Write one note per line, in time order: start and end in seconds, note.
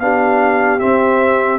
0.00 0.81 B3
0.00 0.80 D4
0.00 1.59 G4
0.00 0.80 F5
0.80 1.59 C4
0.80 1.59 E5